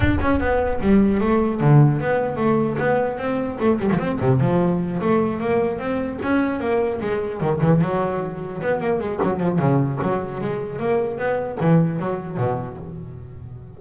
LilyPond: \new Staff \with { instrumentName = "double bass" } { \time 4/4 \tempo 4 = 150 d'8 cis'8 b4 g4 a4 | d4 b4 a4 b4 | c'4 a8 g16 f16 c'8 c8 f4~ | f8 a4 ais4 c'4 cis'8~ |
cis'8 ais4 gis4 dis8 e8 fis8~ | fis4. b8 ais8 gis8 fis8 f8 | cis4 fis4 gis4 ais4 | b4 e4 fis4 b,4 | }